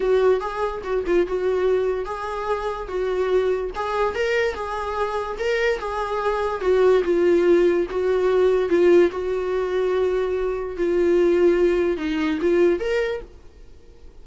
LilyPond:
\new Staff \with { instrumentName = "viola" } { \time 4/4 \tempo 4 = 145 fis'4 gis'4 fis'8 f'8 fis'4~ | fis'4 gis'2 fis'4~ | fis'4 gis'4 ais'4 gis'4~ | gis'4 ais'4 gis'2 |
fis'4 f'2 fis'4~ | fis'4 f'4 fis'2~ | fis'2 f'2~ | f'4 dis'4 f'4 ais'4 | }